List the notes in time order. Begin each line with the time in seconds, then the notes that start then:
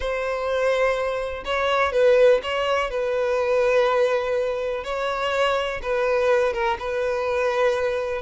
0.00 C5
1.45 C#5
1.92 B4
2.42 C#5
2.90 B4
4.84 C#5
5.82 B4
6.53 A#4
6.79 B4